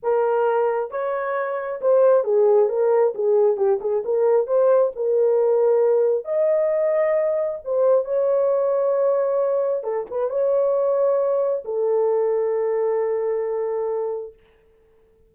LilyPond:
\new Staff \with { instrumentName = "horn" } { \time 4/4 \tempo 4 = 134 ais'2 cis''2 | c''4 gis'4 ais'4 gis'4 | g'8 gis'8 ais'4 c''4 ais'4~ | ais'2 dis''2~ |
dis''4 c''4 cis''2~ | cis''2 a'8 b'8 cis''4~ | cis''2 a'2~ | a'1 | }